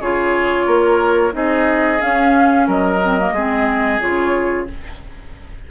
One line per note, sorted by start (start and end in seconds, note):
0.00 0.67 C#3
0.00 1.32 F4
0.00 0.66 G#4
0.00 1.33 C#5
0.66 1.33 A#3
0.66 1.32 A#4
1.32 2.00 C4
1.32 1.98 D#4
1.32 2.66 G#4
1.32 2.01 D#5
1.99 2.99 C#4
1.99 2.67 C#4
1.99 2.67 F5
2.66 3.32 F#3
2.66 3.33 A#4
2.66 4.00 D#5
3.02 3.18 C4
3.18 3.35 A#3
3.32 3.98 G#3
3.32 4.00 C4
3.32 4.67 G#4
4.00 4.70 C#3
4.00 4.67 F4
4.00 4.67 C#5